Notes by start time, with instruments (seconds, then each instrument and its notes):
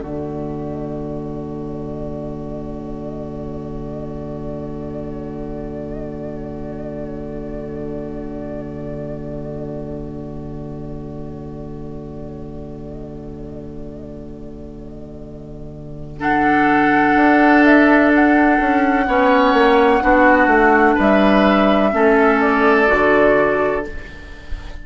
0.00 bassoon D3, clarinet A3, oboe F#4, flute D5
16.20 clarinet D4, oboe A4, flute F#5
17.16 bassoon D4
17.65 flute E5
18.15 flute F#5
18.60 bassoon C#4
19.08 bassoon B3, clarinet C#4, oboe C#5
19.54 bassoon A#3
20.02 bassoon B3, clarinet D4, oboe F#4
20.48 bassoon A3
20.95 bassoon G3, oboe B4, flute E5
21.93 bassoon A3, clarinet C#4, oboe A4
22.41 flute D5
22.87 bassoon D3, clarinet F#4